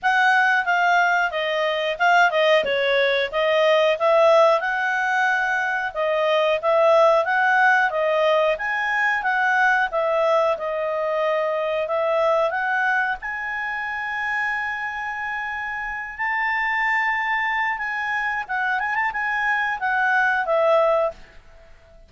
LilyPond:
\new Staff \with { instrumentName = "clarinet" } { \time 4/4 \tempo 4 = 91 fis''4 f''4 dis''4 f''8 dis''8 | cis''4 dis''4 e''4 fis''4~ | fis''4 dis''4 e''4 fis''4 | dis''4 gis''4 fis''4 e''4 |
dis''2 e''4 fis''4 | gis''1~ | gis''8 a''2~ a''8 gis''4 | fis''8 gis''16 a''16 gis''4 fis''4 e''4 | }